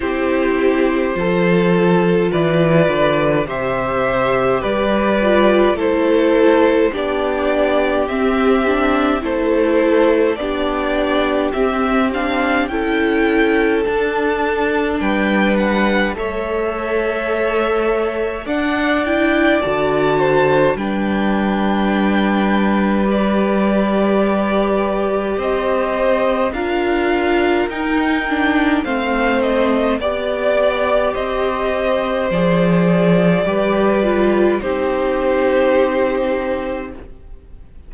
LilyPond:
<<
  \new Staff \with { instrumentName = "violin" } { \time 4/4 \tempo 4 = 52 c''2 d''4 e''4 | d''4 c''4 d''4 e''4 | c''4 d''4 e''8 f''8 g''4 | a''4 g''8 fis''8 e''2 |
fis''8 g''8 a''4 g''2 | d''2 dis''4 f''4 | g''4 f''8 dis''8 d''4 dis''4 | d''2 c''2 | }
  \new Staff \with { instrumentName = "violin" } { \time 4/4 g'4 a'4 b'4 c''4 | b'4 a'4 g'2 | a'4 g'2 a'4~ | a'4 b'4 cis''2 |
d''4. c''8 b'2~ | b'2 c''4 ais'4~ | ais'4 c''4 d''4 c''4~ | c''4 b'4 g'2 | }
  \new Staff \with { instrumentName = "viola" } { \time 4/4 e'4 f'2 g'4~ | g'8 f'8 e'4 d'4 c'8 d'8 | e'4 d'4 c'8 d'8 e'4 | d'2 a'2 |
d'8 e'8 fis'4 d'2 | g'2. f'4 | dis'8 d'8 c'4 g'2 | gis'4 g'8 f'8 dis'2 | }
  \new Staff \with { instrumentName = "cello" } { \time 4/4 c'4 f4 e8 d8 c4 | g4 a4 b4 c'4 | a4 b4 c'4 cis'4 | d'4 g4 a2 |
d'4 d4 g2~ | g2 c'4 d'4 | dis'4 a4 b4 c'4 | f4 g4 c'2 | }
>>